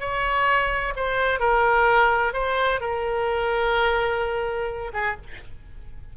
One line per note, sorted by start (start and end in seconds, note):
0.00 0.94 C#5
0.96 1.40 C5
1.40 2.34 A#4
2.34 2.80 C5
2.81 4.92 A#4
4.93 5.17 G#4